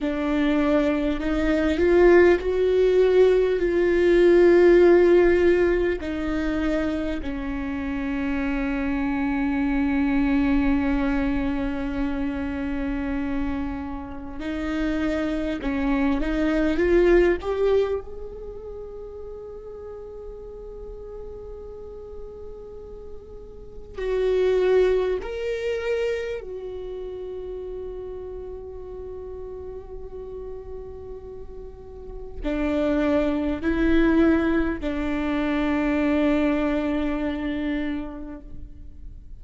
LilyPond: \new Staff \with { instrumentName = "viola" } { \time 4/4 \tempo 4 = 50 d'4 dis'8 f'8 fis'4 f'4~ | f'4 dis'4 cis'2~ | cis'1 | dis'4 cis'8 dis'8 f'8 g'8 gis'4~ |
gis'1 | fis'4 ais'4 fis'2~ | fis'2. d'4 | e'4 d'2. | }